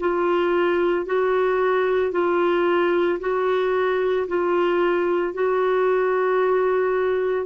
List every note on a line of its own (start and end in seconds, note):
0.00 1.06 F4
1.06 2.12 F#4
2.12 3.19 F4
3.20 4.27 F#4
4.28 5.34 F4
5.34 7.47 F#4